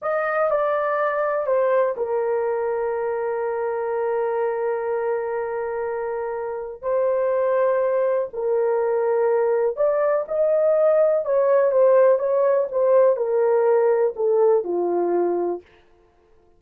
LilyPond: \new Staff \with { instrumentName = "horn" } { \time 4/4 \tempo 4 = 123 dis''4 d''2 c''4 | ais'1~ | ais'1~ | ais'2 c''2~ |
c''4 ais'2. | d''4 dis''2 cis''4 | c''4 cis''4 c''4 ais'4~ | ais'4 a'4 f'2 | }